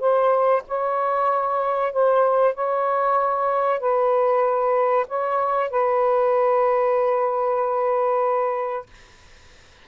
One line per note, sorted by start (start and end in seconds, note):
0.00 0.63 C5
0.68 1.93 C#5
1.93 2.55 C5
2.55 3.80 C#5
3.80 5.06 B4
5.08 5.71 C#5
5.71 8.87 B4